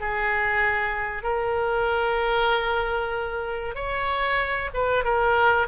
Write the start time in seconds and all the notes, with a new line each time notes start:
0.00 G#4
1.23 A#4
3.75 C#5
4.73 B4
5.04 A#4